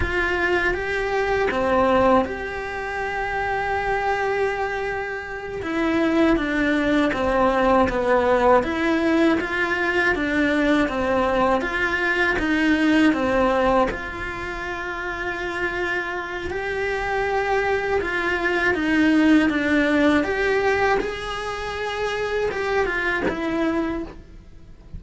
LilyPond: \new Staff \with { instrumentName = "cello" } { \time 4/4 \tempo 4 = 80 f'4 g'4 c'4 g'4~ | g'2.~ g'8 e'8~ | e'8 d'4 c'4 b4 e'8~ | e'8 f'4 d'4 c'4 f'8~ |
f'8 dis'4 c'4 f'4.~ | f'2 g'2 | f'4 dis'4 d'4 g'4 | gis'2 g'8 f'8 e'4 | }